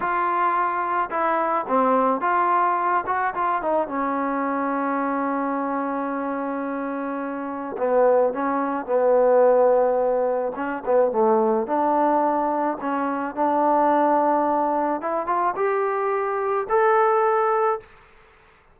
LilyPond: \new Staff \with { instrumentName = "trombone" } { \time 4/4 \tempo 4 = 108 f'2 e'4 c'4 | f'4. fis'8 f'8 dis'8 cis'4~ | cis'1~ | cis'2 b4 cis'4 |
b2. cis'8 b8 | a4 d'2 cis'4 | d'2. e'8 f'8 | g'2 a'2 | }